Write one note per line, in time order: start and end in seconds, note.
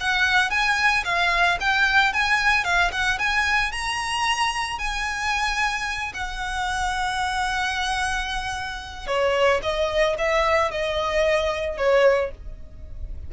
0.00 0.50 F#5
0.50 1.04 G#5
1.04 1.58 F5
1.60 2.13 G5
2.13 2.64 G#5
2.64 2.91 F5
2.92 3.19 F#5
3.19 3.72 G#5
3.72 4.78 A#5
4.78 6.12 G#5
6.13 9.07 F#5
9.07 9.60 C#5
9.62 10.16 D#5
10.18 10.71 E5
10.71 11.77 D#5
11.77 12.31 C#5